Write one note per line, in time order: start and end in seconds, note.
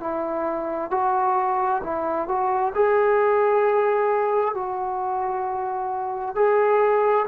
0.00 0.91 E4
0.91 1.82 F#4
1.83 2.28 E4
2.28 2.74 F#4
2.75 4.55 G#4
4.55 6.36 F#4
6.36 7.26 G#4